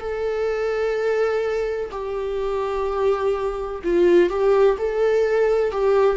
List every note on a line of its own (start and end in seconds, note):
0.00 1.90 A4
1.91 3.82 G4
3.84 4.30 F4
4.30 4.77 G4
4.78 5.71 A4
5.71 6.16 G4